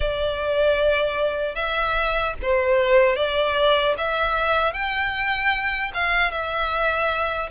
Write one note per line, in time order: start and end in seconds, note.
0.00 1.55 D5
1.55 2.34 E5
2.42 3.16 C5
3.16 3.95 D5
3.97 4.73 E5
4.73 5.91 G5
5.94 6.31 F5
6.31 7.49 E5